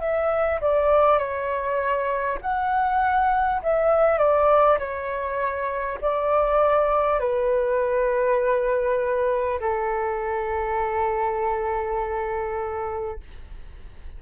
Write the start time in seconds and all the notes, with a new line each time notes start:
0.00 E5
0.61 D5
1.18 C#5
2.41 F#5
3.62 E5
4.17 D5
4.78 C#5
6.01 D5
7.19 B4
9.60 A4